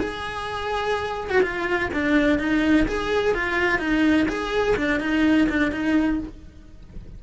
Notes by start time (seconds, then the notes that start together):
0.00 G#4
1.30 F#4
1.42 F4
1.93 D4
2.39 D#4
2.88 G#4
3.35 F4
3.79 D#4
4.29 G#4
4.77 D4
5.00 D#4
5.50 D4
5.72 D#4